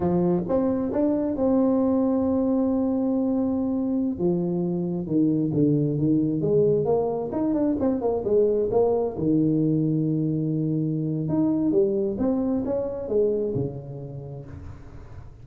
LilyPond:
\new Staff \with { instrumentName = "tuba" } { \time 4/4 \tempo 4 = 133 f4 c'4 d'4 c'4~ | c'1~ | c'4~ c'16 f2 dis8.~ | dis16 d4 dis4 gis4 ais8.~ |
ais16 dis'8 d'8 c'8 ais8 gis4 ais8.~ | ais16 dis2.~ dis8.~ | dis4 dis'4 g4 c'4 | cis'4 gis4 cis2 | }